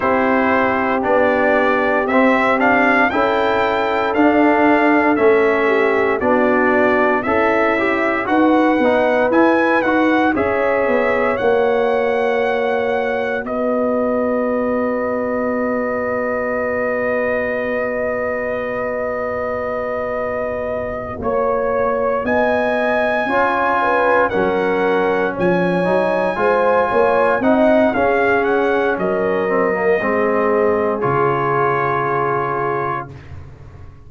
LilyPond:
<<
  \new Staff \with { instrumentName = "trumpet" } { \time 4/4 \tempo 4 = 58 c''4 d''4 e''8 f''8 g''4 | f''4 e''4 d''4 e''4 | fis''4 gis''8 fis''8 e''4 fis''4~ | fis''4 dis''2.~ |
dis''1~ | dis''8 cis''4 gis''2 fis''8~ | fis''8 gis''2 fis''8 f''8 fis''8 | dis''2 cis''2 | }
  \new Staff \with { instrumentName = "horn" } { \time 4/4 g'2. a'4~ | a'4. g'8 fis'4 e'4 | b'2 cis''2~ | cis''4 b'2.~ |
b'1~ | b'8 cis''4 dis''4 cis''8 b'8 ais'8~ | ais'8 cis''4 c''8 cis''8 dis''8 gis'4 | ais'4 gis'2. | }
  \new Staff \with { instrumentName = "trombone" } { \time 4/4 e'4 d'4 c'8 d'8 e'4 | d'4 cis'4 d'4 a'8 g'8 | fis'8 dis'8 e'8 fis'8 gis'4 fis'4~ | fis'1~ |
fis'1~ | fis'2~ fis'8 f'4 cis'8~ | cis'4 dis'8 f'4 dis'8 cis'4~ | cis'8 c'16 ais16 c'4 f'2 | }
  \new Staff \with { instrumentName = "tuba" } { \time 4/4 c'4 b4 c'4 cis'4 | d'4 a4 b4 cis'4 | dis'8 b8 e'8 dis'8 cis'8 b8 ais4~ | ais4 b2.~ |
b1~ | b8 ais4 b4 cis'4 fis8~ | fis8 f8 fis8 gis8 ais8 c'8 cis'4 | fis4 gis4 cis2 | }
>>